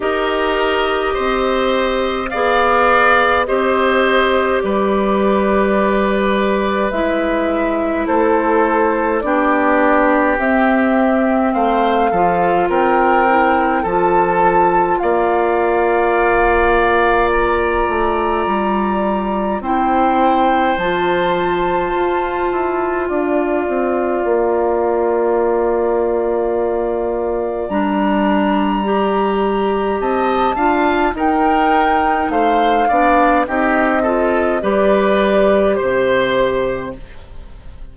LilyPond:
<<
  \new Staff \with { instrumentName = "flute" } { \time 4/4 \tempo 4 = 52 dis''2 f''4 dis''4 | d''2 e''4 c''4 | d''4 e''4 f''4 g''4 | a''4 f''2 ais''4~ |
ais''4 g''4 a''2 | f''1 | ais''2 a''4 g''4 | f''4 dis''4 d''4 c''4 | }
  \new Staff \with { instrumentName = "oboe" } { \time 4/4 ais'4 c''4 d''4 c''4 | b'2. a'4 | g'2 c''8 a'8 ais'4 | a'4 d''2.~ |
d''4 c''2. | d''1~ | d''2 dis''8 f''8 ais'4 | c''8 d''8 g'8 a'8 b'4 c''4 | }
  \new Staff \with { instrumentName = "clarinet" } { \time 4/4 g'2 gis'4 g'4~ | g'2 e'2 | d'4 c'4. f'4 e'8 | f'1~ |
f'4 e'4 f'2~ | f'1 | d'4 g'4. f'8 dis'4~ | dis'8 d'8 dis'8 f'8 g'2 | }
  \new Staff \with { instrumentName = "bassoon" } { \time 4/4 dis'4 c'4 b4 c'4 | g2 gis4 a4 | b4 c'4 a8 f8 c'4 | f4 ais2~ ais8 a8 |
g4 c'4 f4 f'8 e'8 | d'8 c'8 ais2. | g2 c'8 d'8 dis'4 | a8 b8 c'4 g4 c4 | }
>>